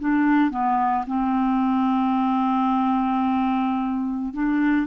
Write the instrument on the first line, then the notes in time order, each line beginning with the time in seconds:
clarinet
0.00 D4
0.51 B3
1.07 C4
4.34 D4